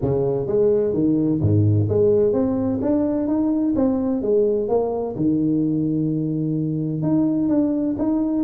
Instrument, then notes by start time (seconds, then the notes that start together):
tuba
0.01 C#3
0.47 G#3
0.93 D#3
1.41 G#2
1.89 G#3
2.32 C4
2.81 D4
3.27 D#4
3.75 C4
4.22 G#3
4.68 A#3
5.16 D#3
7.02 D#4
7.49 D4
7.98 D#4